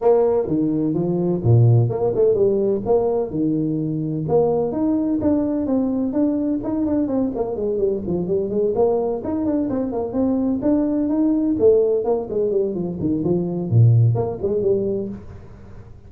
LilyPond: \new Staff \with { instrumentName = "tuba" } { \time 4/4 \tempo 4 = 127 ais4 dis4 f4 ais,4 | ais8 a8 g4 ais4 dis4~ | dis4 ais4 dis'4 d'4 | c'4 d'4 dis'8 d'8 c'8 ais8 |
gis8 g8 f8 g8 gis8 ais4 dis'8 | d'8 c'8 ais8 c'4 d'4 dis'8~ | dis'8 a4 ais8 gis8 g8 f8 dis8 | f4 ais,4 ais8 gis8 g4 | }